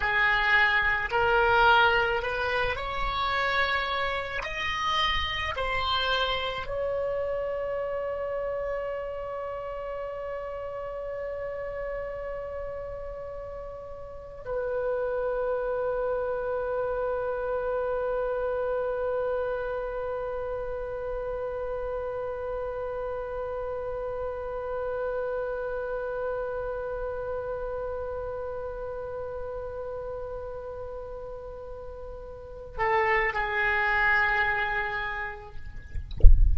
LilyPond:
\new Staff \with { instrumentName = "oboe" } { \time 4/4 \tempo 4 = 54 gis'4 ais'4 b'8 cis''4. | dis''4 c''4 cis''2~ | cis''1~ | cis''4 b'2.~ |
b'1~ | b'1~ | b'1~ | b'4. a'8 gis'2 | }